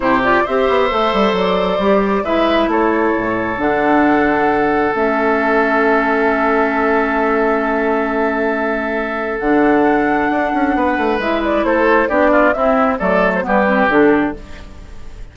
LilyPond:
<<
  \new Staff \with { instrumentName = "flute" } { \time 4/4 \tempo 4 = 134 c''8 d''8 e''2 d''4~ | d''4 e''4 cis''2 | fis''2. e''4~ | e''1~ |
e''1~ | e''4 fis''2.~ | fis''4 e''8 d''8 c''4 d''4 | e''4 d''8. c''16 b'4 a'4 | }
  \new Staff \with { instrumentName = "oboe" } { \time 4/4 g'4 c''2.~ | c''4 b'4 a'2~ | a'1~ | a'1~ |
a'1~ | a'1 | b'2 a'4 g'8 f'8 | e'4 a'4 g'2 | }
  \new Staff \with { instrumentName = "clarinet" } { \time 4/4 e'8 f'8 g'4 a'2 | g'4 e'2. | d'2. cis'4~ | cis'1~ |
cis'1~ | cis'4 d'2.~ | d'4 e'2 d'4 | c'4 a4 b8 c'8 d'4 | }
  \new Staff \with { instrumentName = "bassoon" } { \time 4/4 c4 c'8 b8 a8 g8 fis4 | g4 gis4 a4 a,4 | d2. a4~ | a1~ |
a1~ | a4 d2 d'8 cis'8 | b8 a8 gis4 a4 b4 | c'4 fis4 g4 d4 | }
>>